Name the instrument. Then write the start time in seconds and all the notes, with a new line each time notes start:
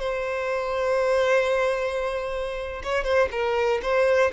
violin
0.00 C5
2.83 C#5
3.04 C5
3.32 A#4
3.82 C5